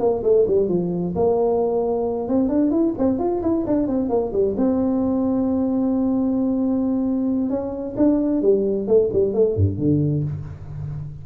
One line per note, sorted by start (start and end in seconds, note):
0.00 0.23 A#3
0.23 0.46 A3
0.48 0.69 G3
0.69 1.14 F3
1.15 2.28 A#3
2.28 2.49 C4
2.49 2.71 D4
2.71 2.94 E4
2.98 3.19 C4
3.19 3.41 F4
3.42 3.65 E4
3.67 3.88 D4
3.88 4.09 C4
4.09 4.32 A#3
4.32 4.55 G3
4.57 7.50 C4
7.50 7.95 C#4
7.96 8.42 D4
8.42 8.87 G3
8.87 9.10 A3
9.13 9.34 G3
9.34 9.56 A3
9.56 9.78 G2
9.78 10.24 D3